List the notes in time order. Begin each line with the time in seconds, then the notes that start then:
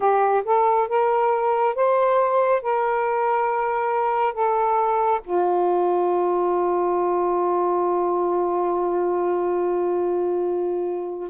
0.00 G4
0.45 A4
0.88 A#4
1.75 C5
2.62 A#4
4.33 A4
5.24 F4